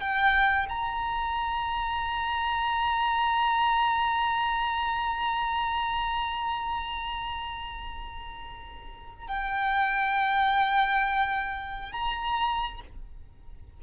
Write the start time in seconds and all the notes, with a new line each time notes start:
0.00 G5
0.69 A#5
9.28 G5
11.92 A#5